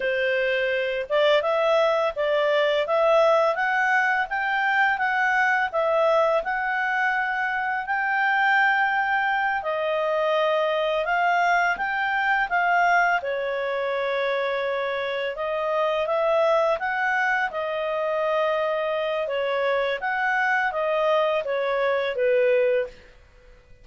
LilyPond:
\new Staff \with { instrumentName = "clarinet" } { \time 4/4 \tempo 4 = 84 c''4. d''8 e''4 d''4 | e''4 fis''4 g''4 fis''4 | e''4 fis''2 g''4~ | g''4. dis''2 f''8~ |
f''8 g''4 f''4 cis''4.~ | cis''4. dis''4 e''4 fis''8~ | fis''8 dis''2~ dis''8 cis''4 | fis''4 dis''4 cis''4 b'4 | }